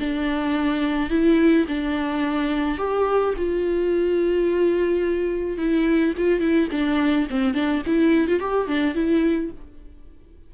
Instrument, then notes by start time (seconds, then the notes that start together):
viola
0.00 D4
1.10 E4
1.68 D4
2.78 G4
3.37 F4
5.58 E4
6.18 F4
6.41 E4
6.72 D4
7.30 C4
7.54 D4
7.86 E4
8.28 F4
8.40 G4
8.68 D4
8.95 E4